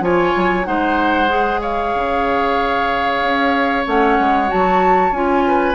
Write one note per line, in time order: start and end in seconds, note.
0.00 0.32 F3
0.00 0.64 F4
0.00 0.66 C#5
0.00 0.64 G#5
0.36 0.67 F#3
0.64 1.94 G#3
0.64 1.28 D#4
0.64 1.60 C5
0.64 1.60 F#5
1.29 3.84 G#4
1.60 5.43 C#5
1.60 3.86 F5
1.94 3.22 C#3
3.22 3.85 C#4
3.85 4.18 A3
3.85 4.47 C#4
3.85 4.50 F#5
4.19 4.51 G#3
4.47 5.11 F#3
4.47 5.11 F#4
4.47 5.12 A5
5.11 5.74 C#4
5.11 5.74 F4
5.11 5.74 G#5
5.47 5.74 B4